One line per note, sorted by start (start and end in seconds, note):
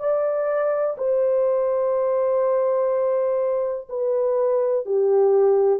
0.00 0.97 D5
0.98 3.88 C5
3.89 4.86 B4
4.86 5.80 G4